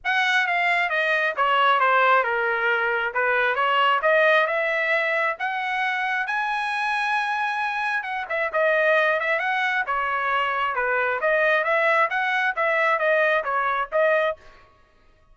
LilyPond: \new Staff \with { instrumentName = "trumpet" } { \time 4/4 \tempo 4 = 134 fis''4 f''4 dis''4 cis''4 | c''4 ais'2 b'4 | cis''4 dis''4 e''2 | fis''2 gis''2~ |
gis''2 fis''8 e''8 dis''4~ | dis''8 e''8 fis''4 cis''2 | b'4 dis''4 e''4 fis''4 | e''4 dis''4 cis''4 dis''4 | }